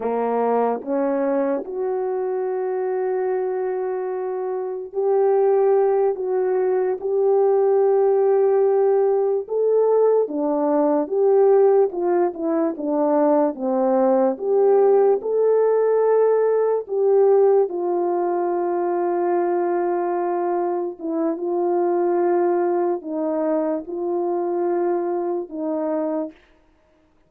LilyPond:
\new Staff \with { instrumentName = "horn" } { \time 4/4 \tempo 4 = 73 ais4 cis'4 fis'2~ | fis'2 g'4. fis'8~ | fis'8 g'2. a'8~ | a'8 d'4 g'4 f'8 e'8 d'8~ |
d'8 c'4 g'4 a'4.~ | a'8 g'4 f'2~ f'8~ | f'4. e'8 f'2 | dis'4 f'2 dis'4 | }